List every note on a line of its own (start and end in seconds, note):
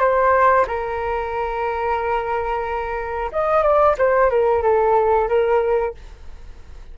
0.00 0.66 C5
0.67 3.31 A#4
3.32 3.63 D#5
3.63 3.96 D5
3.98 4.30 C5
4.30 4.63 A#4
4.63 5.29 A4
5.29 5.95 A#4